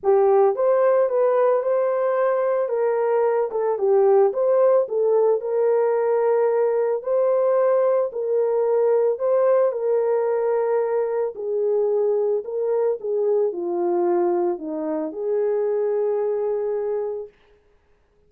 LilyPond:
\new Staff \with { instrumentName = "horn" } { \time 4/4 \tempo 4 = 111 g'4 c''4 b'4 c''4~ | c''4 ais'4. a'8 g'4 | c''4 a'4 ais'2~ | ais'4 c''2 ais'4~ |
ais'4 c''4 ais'2~ | ais'4 gis'2 ais'4 | gis'4 f'2 dis'4 | gis'1 | }